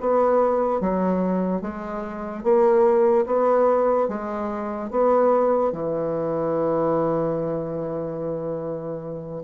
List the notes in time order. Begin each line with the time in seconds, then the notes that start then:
0.00 B3
0.80 F#3
1.61 G#3
2.43 A#3
3.26 B3
4.08 G#3
4.91 B3
5.72 E3